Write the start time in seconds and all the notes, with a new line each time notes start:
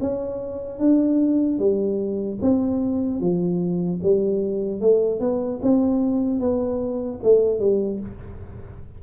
0.00 C#4
0.79 D4
1.58 G3
2.41 C4
3.20 F3
4.03 G3
4.80 A3
5.20 B3
5.62 C4
6.40 B3
7.23 A3
7.59 G3